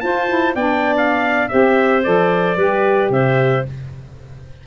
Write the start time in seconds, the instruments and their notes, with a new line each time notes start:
0.00 saxophone F4, tuba F4, clarinet C5, trumpet A5
0.28 saxophone E4
0.55 tuba B3, saxophone D4, clarinet D5, trumpet G5
0.97 trumpet F5
1.48 tuba C4, saxophone G4, clarinet C5, trumpet E5
2.03 tuba F3, saxophone A4, trumpet D5
2.56 tuba G3, saxophone G4, clarinet B4
3.09 tuba C3, clarinet C5, trumpet E5